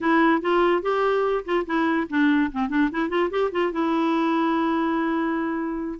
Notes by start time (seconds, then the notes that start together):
0.00 E4
0.41 F4
0.82 G4
1.45 F4
1.66 E4
2.09 D4
2.52 C4
2.69 D4
2.91 E4
3.09 F4
3.30 G4
3.51 F4
3.72 E4